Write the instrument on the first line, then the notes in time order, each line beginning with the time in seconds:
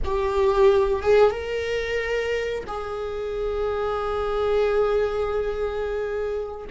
viola
0.04 G4
1.02 G#4
1.30 A#4
2.67 G#4